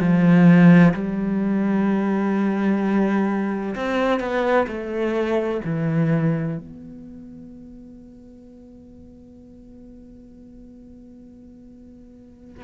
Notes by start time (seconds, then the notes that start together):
0.00 F3
0.94 G3
3.76 C4
4.20 B3
4.67 A3
5.65 E3
6.58 B3